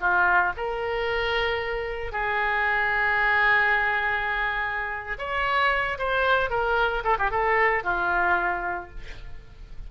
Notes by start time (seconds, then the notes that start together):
0.00 F4
0.57 A#4
2.12 G#4
5.18 C#5
5.98 C5
6.50 A#4
7.04 A4
7.19 G4
7.31 A4
7.84 F4